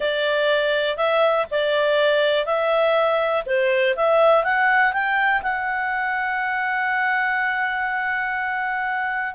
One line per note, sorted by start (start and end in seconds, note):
0.00 0.96 D5
0.96 1.46 E5
1.50 2.45 D5
2.45 3.44 E5
3.46 3.95 C5
3.96 4.44 E5
4.44 4.92 F#5
4.92 5.41 G5
5.42 9.34 F#5